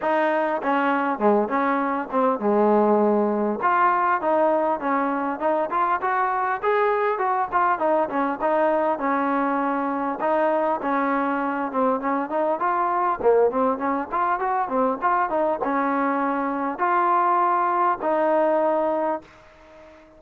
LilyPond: \new Staff \with { instrumentName = "trombone" } { \time 4/4 \tempo 4 = 100 dis'4 cis'4 gis8 cis'4 c'8 | gis2 f'4 dis'4 | cis'4 dis'8 f'8 fis'4 gis'4 | fis'8 f'8 dis'8 cis'8 dis'4 cis'4~ |
cis'4 dis'4 cis'4. c'8 | cis'8 dis'8 f'4 ais8 c'8 cis'8 f'8 | fis'8 c'8 f'8 dis'8 cis'2 | f'2 dis'2 | }